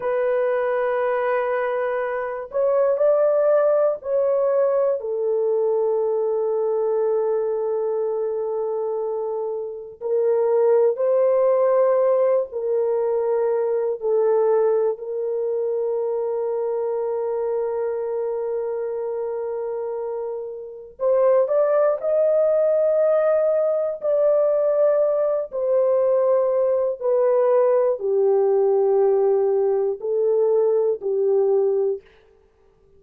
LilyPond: \new Staff \with { instrumentName = "horn" } { \time 4/4 \tempo 4 = 60 b'2~ b'8 cis''8 d''4 | cis''4 a'2.~ | a'2 ais'4 c''4~ | c''8 ais'4. a'4 ais'4~ |
ais'1~ | ais'4 c''8 d''8 dis''2 | d''4. c''4. b'4 | g'2 a'4 g'4 | }